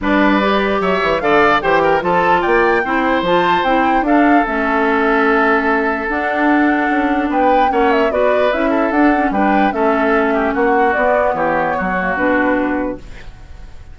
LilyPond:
<<
  \new Staff \with { instrumentName = "flute" } { \time 4/4 \tempo 4 = 148 d''2 e''4 f''4 | g''4 a''4 g''2 | a''4 g''4 f''4 e''4~ | e''2. fis''4~ |
fis''2 g''4 fis''8 e''8 | d''4 e''4 fis''4 g''4 | e''2 fis''4 d''4 | cis''2 b'2 | }
  \new Staff \with { instrumentName = "oboe" } { \time 4/4 b'2 cis''4 d''4 | c''8 ais'8 a'4 d''4 c''4~ | c''2 a'2~ | a'1~ |
a'2 b'4 cis''4 | b'4. a'4. b'4 | a'4. g'8 fis'2 | g'4 fis'2. | }
  \new Staff \with { instrumentName = "clarinet" } { \time 4/4 d'4 g'2 a'4 | g'4 f'2 e'4 | f'4 e'4 d'4 cis'4~ | cis'2. d'4~ |
d'2. cis'4 | fis'4 e'4 d'8 cis'8 d'4 | cis'2. b4~ | b4. ais8 d'2 | }
  \new Staff \with { instrumentName = "bassoon" } { \time 4/4 g2 fis8 e8 d4 | e4 f4 ais4 c'4 | f4 c'4 d'4 a4~ | a2. d'4~ |
d'4 cis'4 b4 ais4 | b4 cis'4 d'4 g4 | a2 ais4 b4 | e4 fis4 b,2 | }
>>